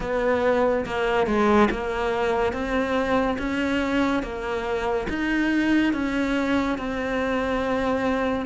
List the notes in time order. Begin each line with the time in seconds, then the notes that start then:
0.00 B3
0.85 A#3
1.26 G#3
1.71 A#3
2.52 C4
3.38 C#4
4.23 A#3
5.09 D#4
5.93 C#4
6.78 C4